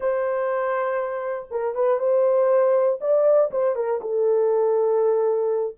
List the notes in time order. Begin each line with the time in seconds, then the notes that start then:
0.00 C5
1.50 A#4
1.75 B4
1.99 C5
3.00 D5
3.51 C5
3.75 A#4
4.01 A4